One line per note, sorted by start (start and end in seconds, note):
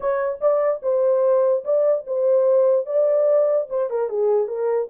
0.00 0.39 C#5
0.40 0.81 D5
0.82 1.64 C5
1.64 2.05 D5
2.06 2.86 C5
2.86 3.67 D5
3.69 3.90 C5
3.90 4.09 A#4
4.09 4.47 G#4
4.47 4.88 A#4